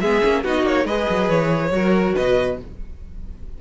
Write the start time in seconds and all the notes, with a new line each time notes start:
0.00 G#3 B3 G#4 E5
0.22 A#3 C#4
0.44 B3 D#4 F#4 D#5
0.63 A#3 C#5
0.85 G#3 G#4 B4 D#5
1.10 F#3
1.29 E3 C#5
1.71 F#3 F#4 A#4
2.15 B2 B4 D#5